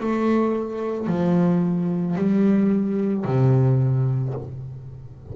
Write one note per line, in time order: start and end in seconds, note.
0.00 1.07 A3
1.07 2.16 F3
2.16 3.25 G3
3.25 4.34 C3